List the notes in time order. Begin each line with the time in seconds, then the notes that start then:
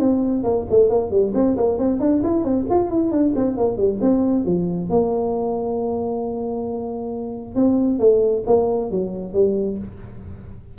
0.00 C4
0.44 A#3
0.70 A3
0.90 A#3
1.11 G3
1.35 C4
1.57 A#3
1.79 C4
2.00 D4
2.24 E4
2.44 C4
2.71 F4
2.91 E4
3.12 D4
3.36 C4
3.57 A#3
3.78 G3
4.02 C4
4.46 F3
4.90 A#3
7.56 C4
8.00 A3
8.47 A#3
8.91 F#3
9.34 G3